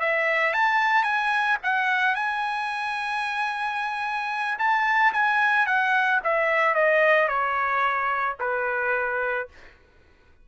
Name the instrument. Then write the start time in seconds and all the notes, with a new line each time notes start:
trumpet
0.00 E5
0.54 A5
1.04 G#5
1.63 F#5
2.15 G#5
4.59 A5
5.14 G#5
5.66 F#5
6.24 E5
6.75 D#5
7.28 C#5
8.40 B4